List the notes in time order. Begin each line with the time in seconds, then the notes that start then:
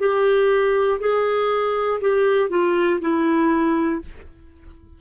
0.00 G4
1.00 G#4
2.01 G4
2.50 F4
3.01 E4